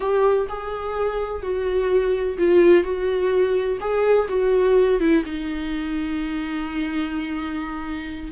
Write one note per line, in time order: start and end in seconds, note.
0.00 0.47 G4
0.48 1.42 G#4
1.42 2.37 F#4
2.37 2.83 F4
2.83 3.79 F#4
3.80 4.28 G#4
4.28 4.99 F#4
4.99 5.23 E4
5.25 8.32 D#4